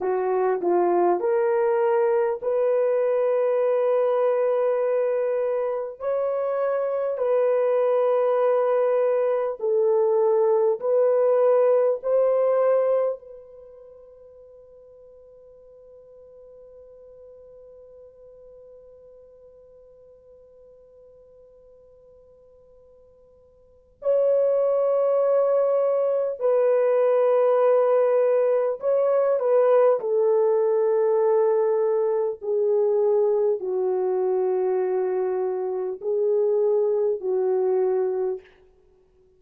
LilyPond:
\new Staff \with { instrumentName = "horn" } { \time 4/4 \tempo 4 = 50 fis'8 f'8 ais'4 b'2~ | b'4 cis''4 b'2 | a'4 b'4 c''4 b'4~ | b'1~ |
b'1 | cis''2 b'2 | cis''8 b'8 a'2 gis'4 | fis'2 gis'4 fis'4 | }